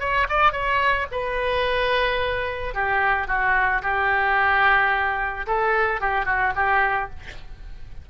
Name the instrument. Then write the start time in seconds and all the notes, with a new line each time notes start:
oboe
0.00 C#5
0.29 D5
0.52 C#5
1.12 B4
2.74 G4
3.28 F#4
3.83 G4
5.47 A4
6.01 G4
6.26 F#4
6.56 G4